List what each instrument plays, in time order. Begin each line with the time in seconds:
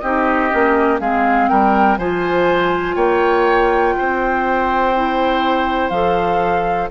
0.00 bassoon C4, clarinet D#4, oboe G4, flute D#5
0.50 bassoon A#3, clarinet C#4
1.00 bassoon G#3, clarinet C4, oboe G#4, flute F5
1.49 bassoon G3, oboe A#4, flute G5
1.98 bassoon F3, clarinet F4, oboe C5, flute G#5
2.96 bassoon A#3, oboe C#5, flute G5
3.98 bassoon C4, oboe C5
4.95 clarinet E4
5.90 bassoon F3, clarinet A4, flute F5